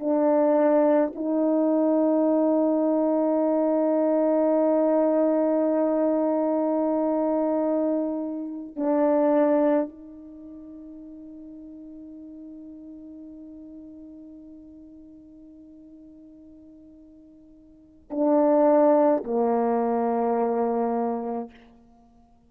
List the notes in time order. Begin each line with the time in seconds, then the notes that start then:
0.00 D4
1.16 D#4
8.76 D4
9.89 D#4
18.11 D4
19.25 A#3